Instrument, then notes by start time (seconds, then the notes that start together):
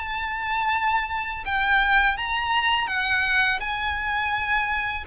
violin
0.00 A5
1.46 G5
2.18 A#5
2.88 F#5
3.60 G#5